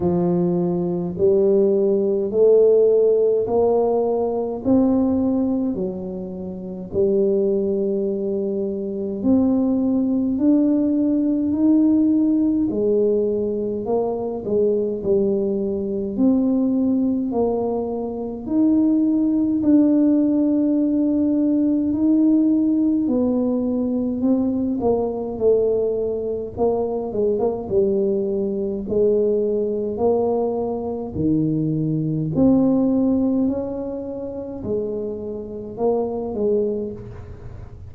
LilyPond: \new Staff \with { instrumentName = "tuba" } { \time 4/4 \tempo 4 = 52 f4 g4 a4 ais4 | c'4 fis4 g2 | c'4 d'4 dis'4 gis4 | ais8 gis8 g4 c'4 ais4 |
dis'4 d'2 dis'4 | b4 c'8 ais8 a4 ais8 gis16 ais16 | g4 gis4 ais4 dis4 | c'4 cis'4 gis4 ais8 gis8 | }